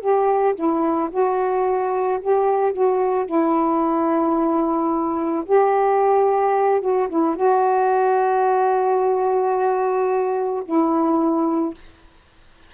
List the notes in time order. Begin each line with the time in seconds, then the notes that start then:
0.00 G4
0.55 E4
1.11 F#4
2.21 G4
2.72 F#4
3.26 E4
5.45 G4
6.81 F#4
7.09 E4
7.36 F#4
10.65 E4